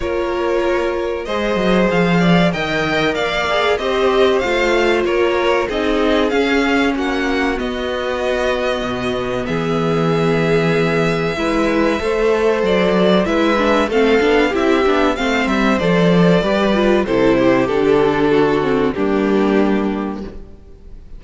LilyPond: <<
  \new Staff \with { instrumentName = "violin" } { \time 4/4 \tempo 4 = 95 cis''2 dis''4 f''4 | g''4 f''4 dis''4 f''4 | cis''4 dis''4 f''4 fis''4 | dis''2. e''4~ |
e''1 | d''4 e''4 f''4 e''4 | f''8 e''8 d''2 c''4 | a'2 g'2 | }
  \new Staff \with { instrumentName = "violin" } { \time 4/4 ais'2 c''4. d''8 | dis''4 d''4 c''2 | ais'4 gis'2 fis'4~ | fis'2. gis'4~ |
gis'2 b'4 c''4~ | c''4 b'4 a'4 g'4 | c''2 b'4 a'8 g'8~ | g'4 fis'4 d'2 | }
  \new Staff \with { instrumentName = "viola" } { \time 4/4 f'2 gis'2 | ais'4. gis'8 g'4 f'4~ | f'4 dis'4 cis'2 | b1~ |
b2 e'4 a'4~ | a'4 e'8 d'8 c'8 d'8 e'8 d'8 | c'4 a'4 g'8 f'8 e'4 | d'4. c'8 ais2 | }
  \new Staff \with { instrumentName = "cello" } { \time 4/4 ais2 gis8 fis8 f4 | dis4 ais4 c'4 a4 | ais4 c'4 cis'4 ais4 | b2 b,4 e4~ |
e2 gis4 a4 | fis4 gis4 a8 b8 c'8 b8 | a8 g8 f4 g4 c4 | d2 g2 | }
>>